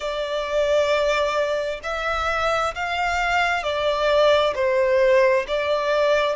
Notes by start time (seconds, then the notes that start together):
0.00 D5
1.83 E5
2.74 F5
3.63 D5
4.55 C5
5.47 D5